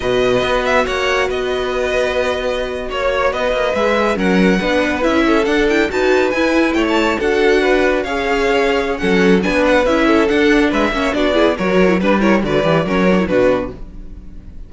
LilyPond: <<
  \new Staff \with { instrumentName = "violin" } { \time 4/4 \tempo 4 = 140 dis''4. e''8 fis''4 dis''4~ | dis''2~ dis''8. cis''4 dis''16~ | dis''8. e''4 fis''2 e''16~ | e''8. fis''8 g''8 a''4 gis''4 g''16 |
a''8. fis''2 f''4~ f''16~ | f''4 fis''4 gis''8 fis''8 e''4 | fis''4 e''4 d''4 cis''4 | b'8 cis''8 d''4 cis''4 b'4 | }
  \new Staff \with { instrumentName = "violin" } { \time 4/4 b'2 cis''4 b'4~ | b'2~ b'8. cis''4 b'16~ | b'4.~ b'16 ais'4 b'4~ b'16~ | b'16 a'4. b'2 cis''16~ |
cis''8. a'4 b'4 cis''4~ cis''16~ | cis''4 a'4 b'4. a'8~ | a'4 b'8 cis''8 fis'8 gis'8 ais'4 | b'8 ais'8 b'4 ais'4 fis'4 | }
  \new Staff \with { instrumentName = "viola" } { \time 4/4 fis'1~ | fis'1~ | fis'8. gis'4 cis'4 d'4 e'16~ | e'8. d'8 e'8 fis'4 e'4~ e'16~ |
e'8. fis'2 gis'4~ gis'16~ | gis'4 cis'4 d'4 e'4 | d'4. cis'8 d'8 e'8 fis'8. e'16 | d'8 e'8 fis'8 g'8 cis'8 d'16 e'16 d'4 | }
  \new Staff \with { instrumentName = "cello" } { \time 4/4 b,4 b4 ais4 b4~ | b2~ b8. ais4 b16~ | b16 ais8 gis4 fis4 b4 cis'16~ | cis'8. d'4 dis'4 e'4 a16~ |
a8. d'2 cis'4~ cis'16~ | cis'4 fis4 b4 cis'4 | d'4 gis8 ais8 b4 fis4 | g4 d8 e8 fis4 b,4 | }
>>